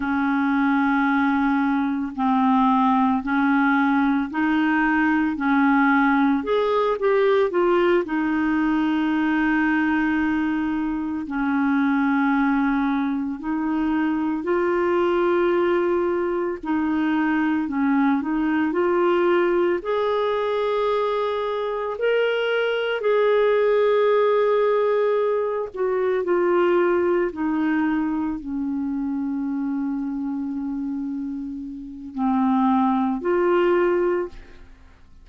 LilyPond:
\new Staff \with { instrumentName = "clarinet" } { \time 4/4 \tempo 4 = 56 cis'2 c'4 cis'4 | dis'4 cis'4 gis'8 g'8 f'8 dis'8~ | dis'2~ dis'8 cis'4.~ | cis'8 dis'4 f'2 dis'8~ |
dis'8 cis'8 dis'8 f'4 gis'4.~ | gis'8 ais'4 gis'2~ gis'8 | fis'8 f'4 dis'4 cis'4.~ | cis'2 c'4 f'4 | }